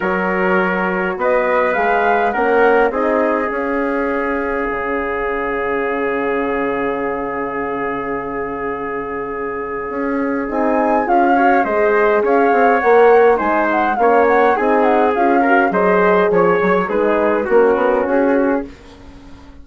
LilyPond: <<
  \new Staff \with { instrumentName = "flute" } { \time 4/4 \tempo 4 = 103 cis''2 dis''4 f''4 | fis''4 dis''4 f''2~ | f''1~ | f''1~ |
f''2 gis''4 f''4 | dis''4 f''4 fis''4 gis''8 fis''8 | f''8 fis''8 gis''8 fis''8 f''4 dis''4 | cis''4 b'4 ais'4 gis'4 | }
  \new Staff \with { instrumentName = "trumpet" } { \time 4/4 ais'2 b'2 | ais'4 gis'2.~ | gis'1~ | gis'1~ |
gis'2.~ gis'8 cis''8 | c''4 cis''2 c''4 | cis''4 gis'4. ais'8 c''4 | cis''4 gis'4 fis'2 | }
  \new Staff \with { instrumentName = "horn" } { \time 4/4 fis'2. gis'4 | cis'4 dis'4 cis'2~ | cis'1~ | cis'1~ |
cis'2 dis'4 f'8 fis'8 | gis'2 ais'4 dis'4 | cis'4 dis'4 f'8 fis'8 gis'4~ | gis'4 dis'4 cis'2 | }
  \new Staff \with { instrumentName = "bassoon" } { \time 4/4 fis2 b4 gis4 | ais4 c'4 cis'2 | cis1~ | cis1~ |
cis4 cis'4 c'4 cis'4 | gis4 cis'8 c'8 ais4 gis4 | ais4 c'4 cis'4 fis4 | f8 fis8 gis4 ais8 b8 cis'4 | }
>>